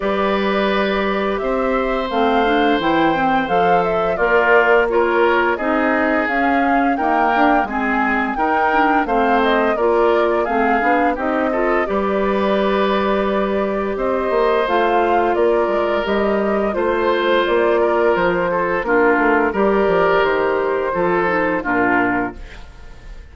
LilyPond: <<
  \new Staff \with { instrumentName = "flute" } { \time 4/4 \tempo 4 = 86 d''2 e''4 f''4 | g''4 f''8 e''8 d''4 cis''4 | dis''4 f''4 g''4 gis''4 | g''4 f''8 dis''8 d''4 f''4 |
dis''4 d''2. | dis''4 f''4 d''4 dis''4 | c''4 d''4 c''4 ais'4 | d''4 c''2 ais'4 | }
  \new Staff \with { instrumentName = "oboe" } { \time 4/4 b'2 c''2~ | c''2 f'4 ais'4 | gis'2 ais'4 gis'4 | ais'4 c''4 ais'4 gis'4 |
g'8 a'8 b'2. | c''2 ais'2 | c''4. ais'4 a'8 f'4 | ais'2 a'4 f'4 | }
  \new Staff \with { instrumentName = "clarinet" } { \time 4/4 g'2. c'8 d'8 | e'8 c'8 a'4 ais'4 f'4 | dis'4 cis'4 ais4 c'4 | dis'8 d'8 c'4 f'4 c'8 d'8 |
dis'8 f'8 g'2.~ | g'4 f'2 g'4 | f'2. d'4 | g'2 f'8 dis'8 d'4 | }
  \new Staff \with { instrumentName = "bassoon" } { \time 4/4 g2 c'4 a4 | e4 f4 ais2 | c'4 cis'4 dis'8 d'8 gis4 | dis'4 a4 ais4 a8 b8 |
c'4 g2. | c'8 ais8 a4 ais8 gis8 g4 | a4 ais4 f4 ais8 a8 | g8 f8 dis4 f4 ais,4 | }
>>